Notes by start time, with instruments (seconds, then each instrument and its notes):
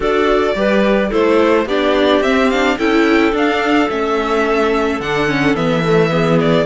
0.00 cello D4, viola F#4, clarinet A4, violin D5
0.54 cello G3, viola G4, clarinet B4
1.09 cello A3, viola E4, clarinet A4, violin C5
1.65 cello B3, viola D4, clarinet G4, violin D5
2.21 cello C4, viola C4, violin E5
2.50 viola D4, violin F5
2.76 cello C#4, viola E4, clarinet A4, violin G5
3.32 cello D4, viola D4, violin F5
3.89 cello A3, viola C#4, violin E5
4.99 cello D3, viola D4, violin F#5
5.28 viola C#4
5.54 cello E3, viola B3, violin E5
5.84 viola A3
6.09 viola B3, clarinet G#4
6.39 violin D5